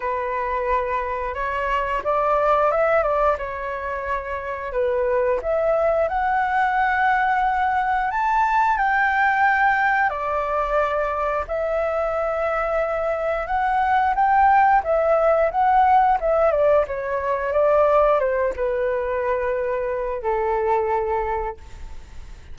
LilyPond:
\new Staff \with { instrumentName = "flute" } { \time 4/4 \tempo 4 = 89 b'2 cis''4 d''4 | e''8 d''8 cis''2 b'4 | e''4 fis''2. | a''4 g''2 d''4~ |
d''4 e''2. | fis''4 g''4 e''4 fis''4 | e''8 d''8 cis''4 d''4 c''8 b'8~ | b'2 a'2 | }